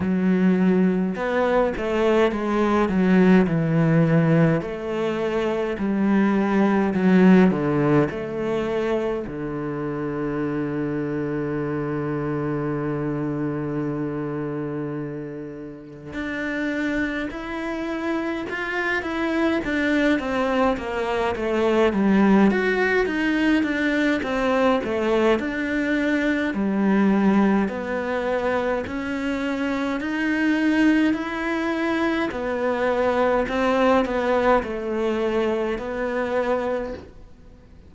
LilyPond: \new Staff \with { instrumentName = "cello" } { \time 4/4 \tempo 4 = 52 fis4 b8 a8 gis8 fis8 e4 | a4 g4 fis8 d8 a4 | d1~ | d2 d'4 e'4 |
f'8 e'8 d'8 c'8 ais8 a8 g8 fis'8 | dis'8 d'8 c'8 a8 d'4 g4 | b4 cis'4 dis'4 e'4 | b4 c'8 b8 a4 b4 | }